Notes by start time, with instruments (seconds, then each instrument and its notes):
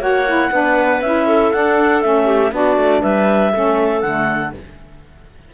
0.00 cello A#3, saxophone F#4, clarinet C#5 F#5
0.26 saxophone E4
0.52 cello B3, saxophone D4, clarinet B4
1.02 cello C#4, saxophone E4, clarinet E5
1.27 clarinet A4
1.52 saxophone D4, cello D4, clarinet F#5
2.02 cello A3, saxophone C#4, clarinet E5
2.25 clarinet G4
2.51 cello B3, saxophone D4, clarinet F#4 D5
2.77 cello A3
3.01 cello G3, clarinet B4 E5
3.53 cello A3, saxophone C#4, clarinet A4
4.01 cello D3, saxophone A3, clarinet F#5